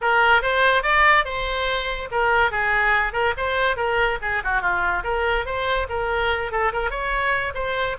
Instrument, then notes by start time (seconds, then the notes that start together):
oboe
0.01 A#4
0.42 C5
0.82 D5
1.25 C5
2.11 A#4
2.51 G#4
3.12 A#4
3.37 C5
3.76 A#4
4.21 G#4
4.44 F#4
4.61 F4
5.03 A#4
5.45 C5
5.89 A#4
6.51 A4
6.72 A#4
6.90 C#5
7.54 C5